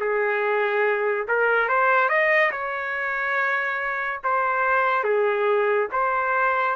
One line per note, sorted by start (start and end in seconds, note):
0.00 1.27 G#4
1.28 1.68 A#4
1.68 2.09 C5
2.09 2.51 D#5
2.51 4.20 C#5
4.23 5.03 C5
5.03 5.88 G#4
5.91 6.75 C5